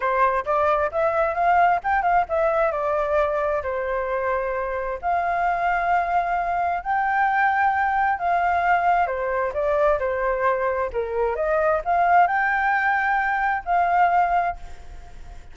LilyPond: \new Staff \with { instrumentName = "flute" } { \time 4/4 \tempo 4 = 132 c''4 d''4 e''4 f''4 | g''8 f''8 e''4 d''2 | c''2. f''4~ | f''2. g''4~ |
g''2 f''2 | c''4 d''4 c''2 | ais'4 dis''4 f''4 g''4~ | g''2 f''2 | }